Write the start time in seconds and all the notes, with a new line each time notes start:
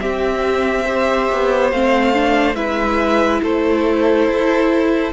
0.00 C4 G4 E5
0.86 G4 C5
1.32 B3
1.72 A3 C4 F5
2.14 D4
2.55 G#3 E4 B4 E5
3.43 A3 A4 C5
4.27 E4